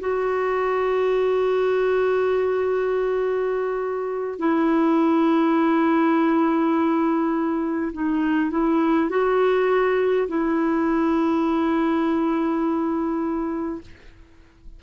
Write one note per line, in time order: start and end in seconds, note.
0.00 4.39 F#4
4.39 7.92 E4
7.93 8.51 D#4
8.51 9.10 E4
9.10 10.28 F#4
10.28 13.81 E4